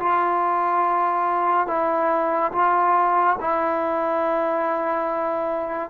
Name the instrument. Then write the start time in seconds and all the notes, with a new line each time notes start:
trombone
0.00 F4
1.68 E4
2.52 F4
3.41 E4